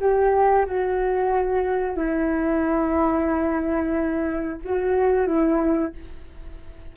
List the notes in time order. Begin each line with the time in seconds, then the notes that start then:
0.00 G4
0.66 F#4
1.97 E4
4.65 F#4
5.27 E4